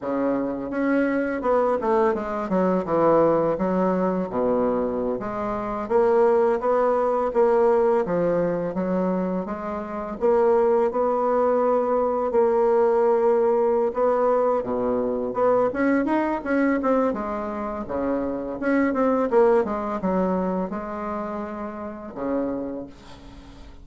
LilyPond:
\new Staff \with { instrumentName = "bassoon" } { \time 4/4 \tempo 4 = 84 cis4 cis'4 b8 a8 gis8 fis8 | e4 fis4 b,4~ b,16 gis8.~ | gis16 ais4 b4 ais4 f8.~ | f16 fis4 gis4 ais4 b8.~ |
b4~ b16 ais2~ ais16 b8~ | b8 b,4 b8 cis'8 dis'8 cis'8 c'8 | gis4 cis4 cis'8 c'8 ais8 gis8 | fis4 gis2 cis4 | }